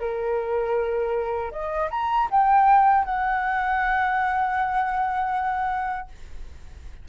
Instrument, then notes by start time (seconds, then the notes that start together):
flute
0.00 A#4
1.52 D#5
1.91 A#5
2.31 G5
3.05 F#5